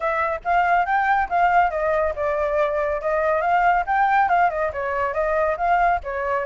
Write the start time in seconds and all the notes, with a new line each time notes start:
0.00 E5
0.44 F5
0.85 G5
1.29 F5
1.70 D#5
2.15 D5
3.01 D#5
3.41 F5
3.86 G5
4.28 F5
4.50 D#5
4.72 C#5
5.13 D#5
5.57 F5
6.03 C#5